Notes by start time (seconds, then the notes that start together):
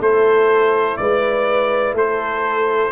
0.00 A3 E4 A4 C5
0.97 G#3 B4 D5
1.93 A3 A4 C5